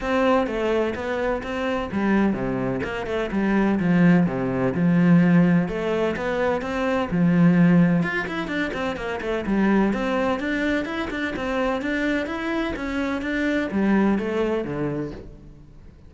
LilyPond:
\new Staff \with { instrumentName = "cello" } { \time 4/4 \tempo 4 = 127 c'4 a4 b4 c'4 | g4 c4 ais8 a8 g4 | f4 c4 f2 | a4 b4 c'4 f4~ |
f4 f'8 e'8 d'8 c'8 ais8 a8 | g4 c'4 d'4 e'8 d'8 | c'4 d'4 e'4 cis'4 | d'4 g4 a4 d4 | }